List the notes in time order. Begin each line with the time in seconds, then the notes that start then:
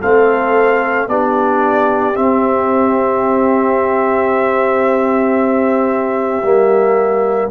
0.00 A3 C4 A4 F5
1.07 B3 D4 G4 D5
2.14 C4 E5
6.42 G3 A#3